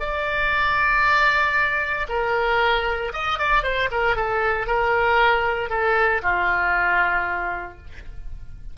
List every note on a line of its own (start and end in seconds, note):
0.00 2.07 D5
2.09 3.12 A#4
3.13 3.39 D#5
3.39 3.63 D5
3.63 3.89 C5
3.91 4.16 A#4
4.16 4.67 A4
4.67 5.70 A#4
5.70 6.21 A4
6.22 7.78 F4